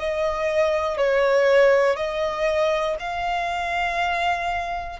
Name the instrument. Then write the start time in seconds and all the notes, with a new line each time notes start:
violin
0.00 D#5
0.98 C#5
1.97 D#5
3.00 F5